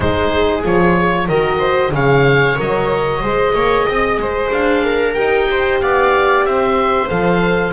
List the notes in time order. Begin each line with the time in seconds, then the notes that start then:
0.00 G#3 D#4 G#4 C5
0.63 F3 F4 C#5
1.28 D#3 F#4 A#4 D#5
1.58 C5
1.92 C#3 G#4 C#5 F5
2.56 F#3 A#4 D#5
3.21 G#3 G#4 C5
3.54 A#3 C#5
3.86 C4 D#5
4.18 G#3 C5
4.51 D4 F5
4.83 A#4
5.14 D#4 G4 G5
5.50 C5
5.81 B3 D5 F5
6.44 C4 C5 E5
7.08 F3 A4 F5